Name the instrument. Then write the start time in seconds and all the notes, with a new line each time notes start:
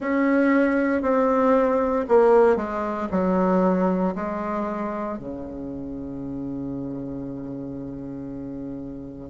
bassoon
0.00 C#4
1.02 C4
2.08 A#3
2.56 G#3
3.11 F#3
4.15 G#3
5.18 C#3